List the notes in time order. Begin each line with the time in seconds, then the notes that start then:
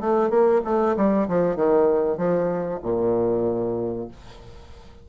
0.00 A3
0.29 A#3
0.64 A3
0.96 G3
1.28 F3
1.55 D#3
2.17 F3
2.82 A#2